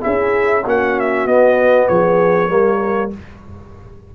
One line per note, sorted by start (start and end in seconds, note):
0.00 0.66 C#4
0.00 0.62 E4
0.00 0.64 G#4
0.00 0.65 E5
0.65 1.26 A#3
0.65 1.28 C#4
0.65 1.88 F#4
0.65 0.99 F#5
0.99 1.27 E5
1.26 1.88 B3
1.26 2.48 B3
1.26 1.88 D#5
1.88 2.49 F3
1.88 2.52 G#4
1.88 3.11 C#5
2.48 3.11 G3
2.48 3.10 A#3
2.48 3.15 A#4